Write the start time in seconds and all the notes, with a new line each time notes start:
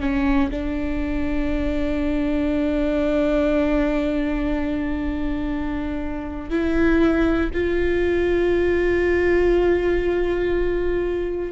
0.00 C#4
0.50 D4
6.50 E4
7.53 F4